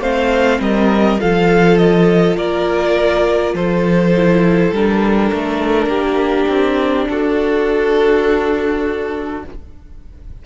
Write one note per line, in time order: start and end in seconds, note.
0.00 0.59 A3
0.00 1.19 C4
0.00 0.60 C5
0.00 0.60 F5
0.60 1.18 G3
0.60 1.20 A#4
0.60 1.20 D#5
1.20 2.36 F3
1.20 4.14 F4
1.20 2.37 A4
1.20 1.77 F5
1.77 2.36 D#5
2.36 3.54 A#3
2.36 3.54 A#4
2.36 3.54 D5
3.54 4.72 F3
3.54 5.88 A4
3.54 4.73 C5
4.16 4.75 E4
4.72 5.31 G3
4.72 9.45 D4
4.72 7.08 A#4
5.32 5.86 A3
5.86 6.45 A#3
5.86 7.06 G4
6.48 7.07 C4
7.08 9.44 D4
7.08 9.45 F#4
7.08 9.43 A4